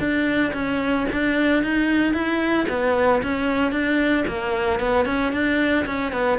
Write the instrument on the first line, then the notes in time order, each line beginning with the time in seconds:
cello
0.00 D4
0.54 C#4
1.13 D4
1.64 D#4
2.14 E4
2.69 B3
3.23 C#4
3.72 D4
4.28 A#3
4.80 B3
5.06 C#4
5.33 D4
5.86 C#4
6.13 B3